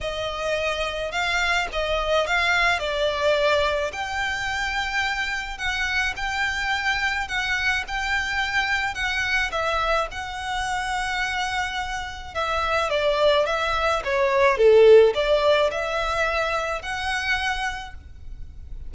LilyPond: \new Staff \with { instrumentName = "violin" } { \time 4/4 \tempo 4 = 107 dis''2 f''4 dis''4 | f''4 d''2 g''4~ | g''2 fis''4 g''4~ | g''4 fis''4 g''2 |
fis''4 e''4 fis''2~ | fis''2 e''4 d''4 | e''4 cis''4 a'4 d''4 | e''2 fis''2 | }